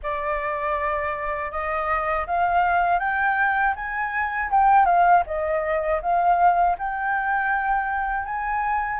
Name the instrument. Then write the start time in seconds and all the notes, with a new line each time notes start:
flute
0.02 D5
1.51 D#5
2.26 F5
2.99 G5
3.75 G#5
4.50 G5
4.85 F5
5.26 D#5
6.01 F5
6.78 G5
8.25 G#5